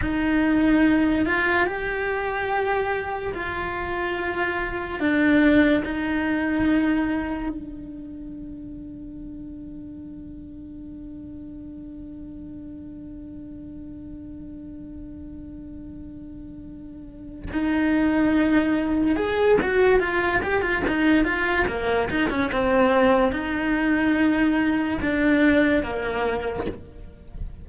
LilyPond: \new Staff \with { instrumentName = "cello" } { \time 4/4 \tempo 4 = 72 dis'4. f'8 g'2 | f'2 d'4 dis'4~ | dis'4 d'2.~ | d'1~ |
d'1~ | d'4 dis'2 gis'8 fis'8 | f'8 g'16 f'16 dis'8 f'8 ais8 dis'16 cis'16 c'4 | dis'2 d'4 ais4 | }